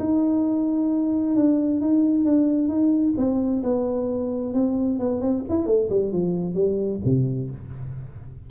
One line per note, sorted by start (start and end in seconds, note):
0.00 1.36 D#4
1.36 1.81 D4
1.81 2.25 D#4
2.25 2.69 D4
2.69 3.14 D#4
3.17 3.63 C4
3.63 4.54 B3
4.54 4.99 C4
4.99 5.21 B3
5.21 5.44 C4
5.49 5.66 E4
5.66 5.89 A3
5.90 6.13 G3
6.13 6.55 F3
6.55 7.00 G3
7.05 7.51 C3